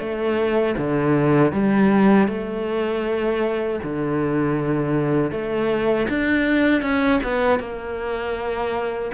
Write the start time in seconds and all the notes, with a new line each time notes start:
0.00 A3
0.78 D3
1.53 G3
2.28 A3
3.84 D3
5.32 A3
6.10 D4
6.82 C#4
7.24 B3
7.60 A#3